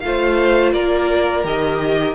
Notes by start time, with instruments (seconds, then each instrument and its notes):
0.00 cello A3, viola F4, violin F5
0.06 violin C5
0.73 cello A#3, violin A#4 D5
1.44 cello D#3, viola G4, violin D#5